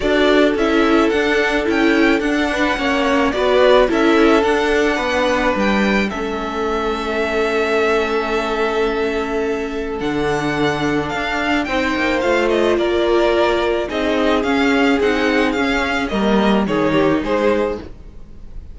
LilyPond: <<
  \new Staff \with { instrumentName = "violin" } { \time 4/4 \tempo 4 = 108 d''4 e''4 fis''4 g''4 | fis''2 d''4 e''4 | fis''2 g''4 e''4~ | e''1~ |
e''2 fis''2 | f''4 g''4 f''8 dis''8 d''4~ | d''4 dis''4 f''4 fis''4 | f''4 dis''4 cis''4 c''4 | }
  \new Staff \with { instrumentName = "violin" } { \time 4/4 a'1~ | a'8 b'8 cis''4 b'4 a'4~ | a'4 b'2 a'4~ | a'1~ |
a'1~ | a'4 c''2 ais'4~ | ais'4 gis'2.~ | gis'4 ais'4 gis'8 g'8 gis'4 | }
  \new Staff \with { instrumentName = "viola" } { \time 4/4 fis'4 e'4 d'4 e'4 | d'4 cis'4 fis'4 e'4 | d'2. cis'4~ | cis'1~ |
cis'2 d'2~ | d'4 dis'4 f'2~ | f'4 dis'4 cis'4 dis'4 | cis'4 ais4 dis'2 | }
  \new Staff \with { instrumentName = "cello" } { \time 4/4 d'4 cis'4 d'4 cis'4 | d'4 ais4 b4 cis'4 | d'4 b4 g4 a4~ | a1~ |
a2 d2 | d'4 c'8 ais8 a4 ais4~ | ais4 c'4 cis'4 c'4 | cis'4 g4 dis4 gis4 | }
>>